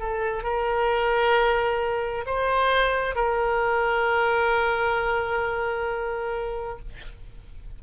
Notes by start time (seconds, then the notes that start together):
0.00 A4
0.43 A#4
2.26 C5
3.15 A#4